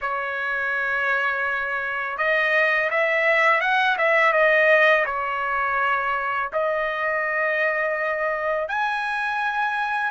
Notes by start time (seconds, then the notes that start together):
0.01 C#5
2.17 D#5
2.90 E5
3.60 F#5
3.98 E5
4.32 D#5
5.05 C#5
6.52 D#5
8.68 G#5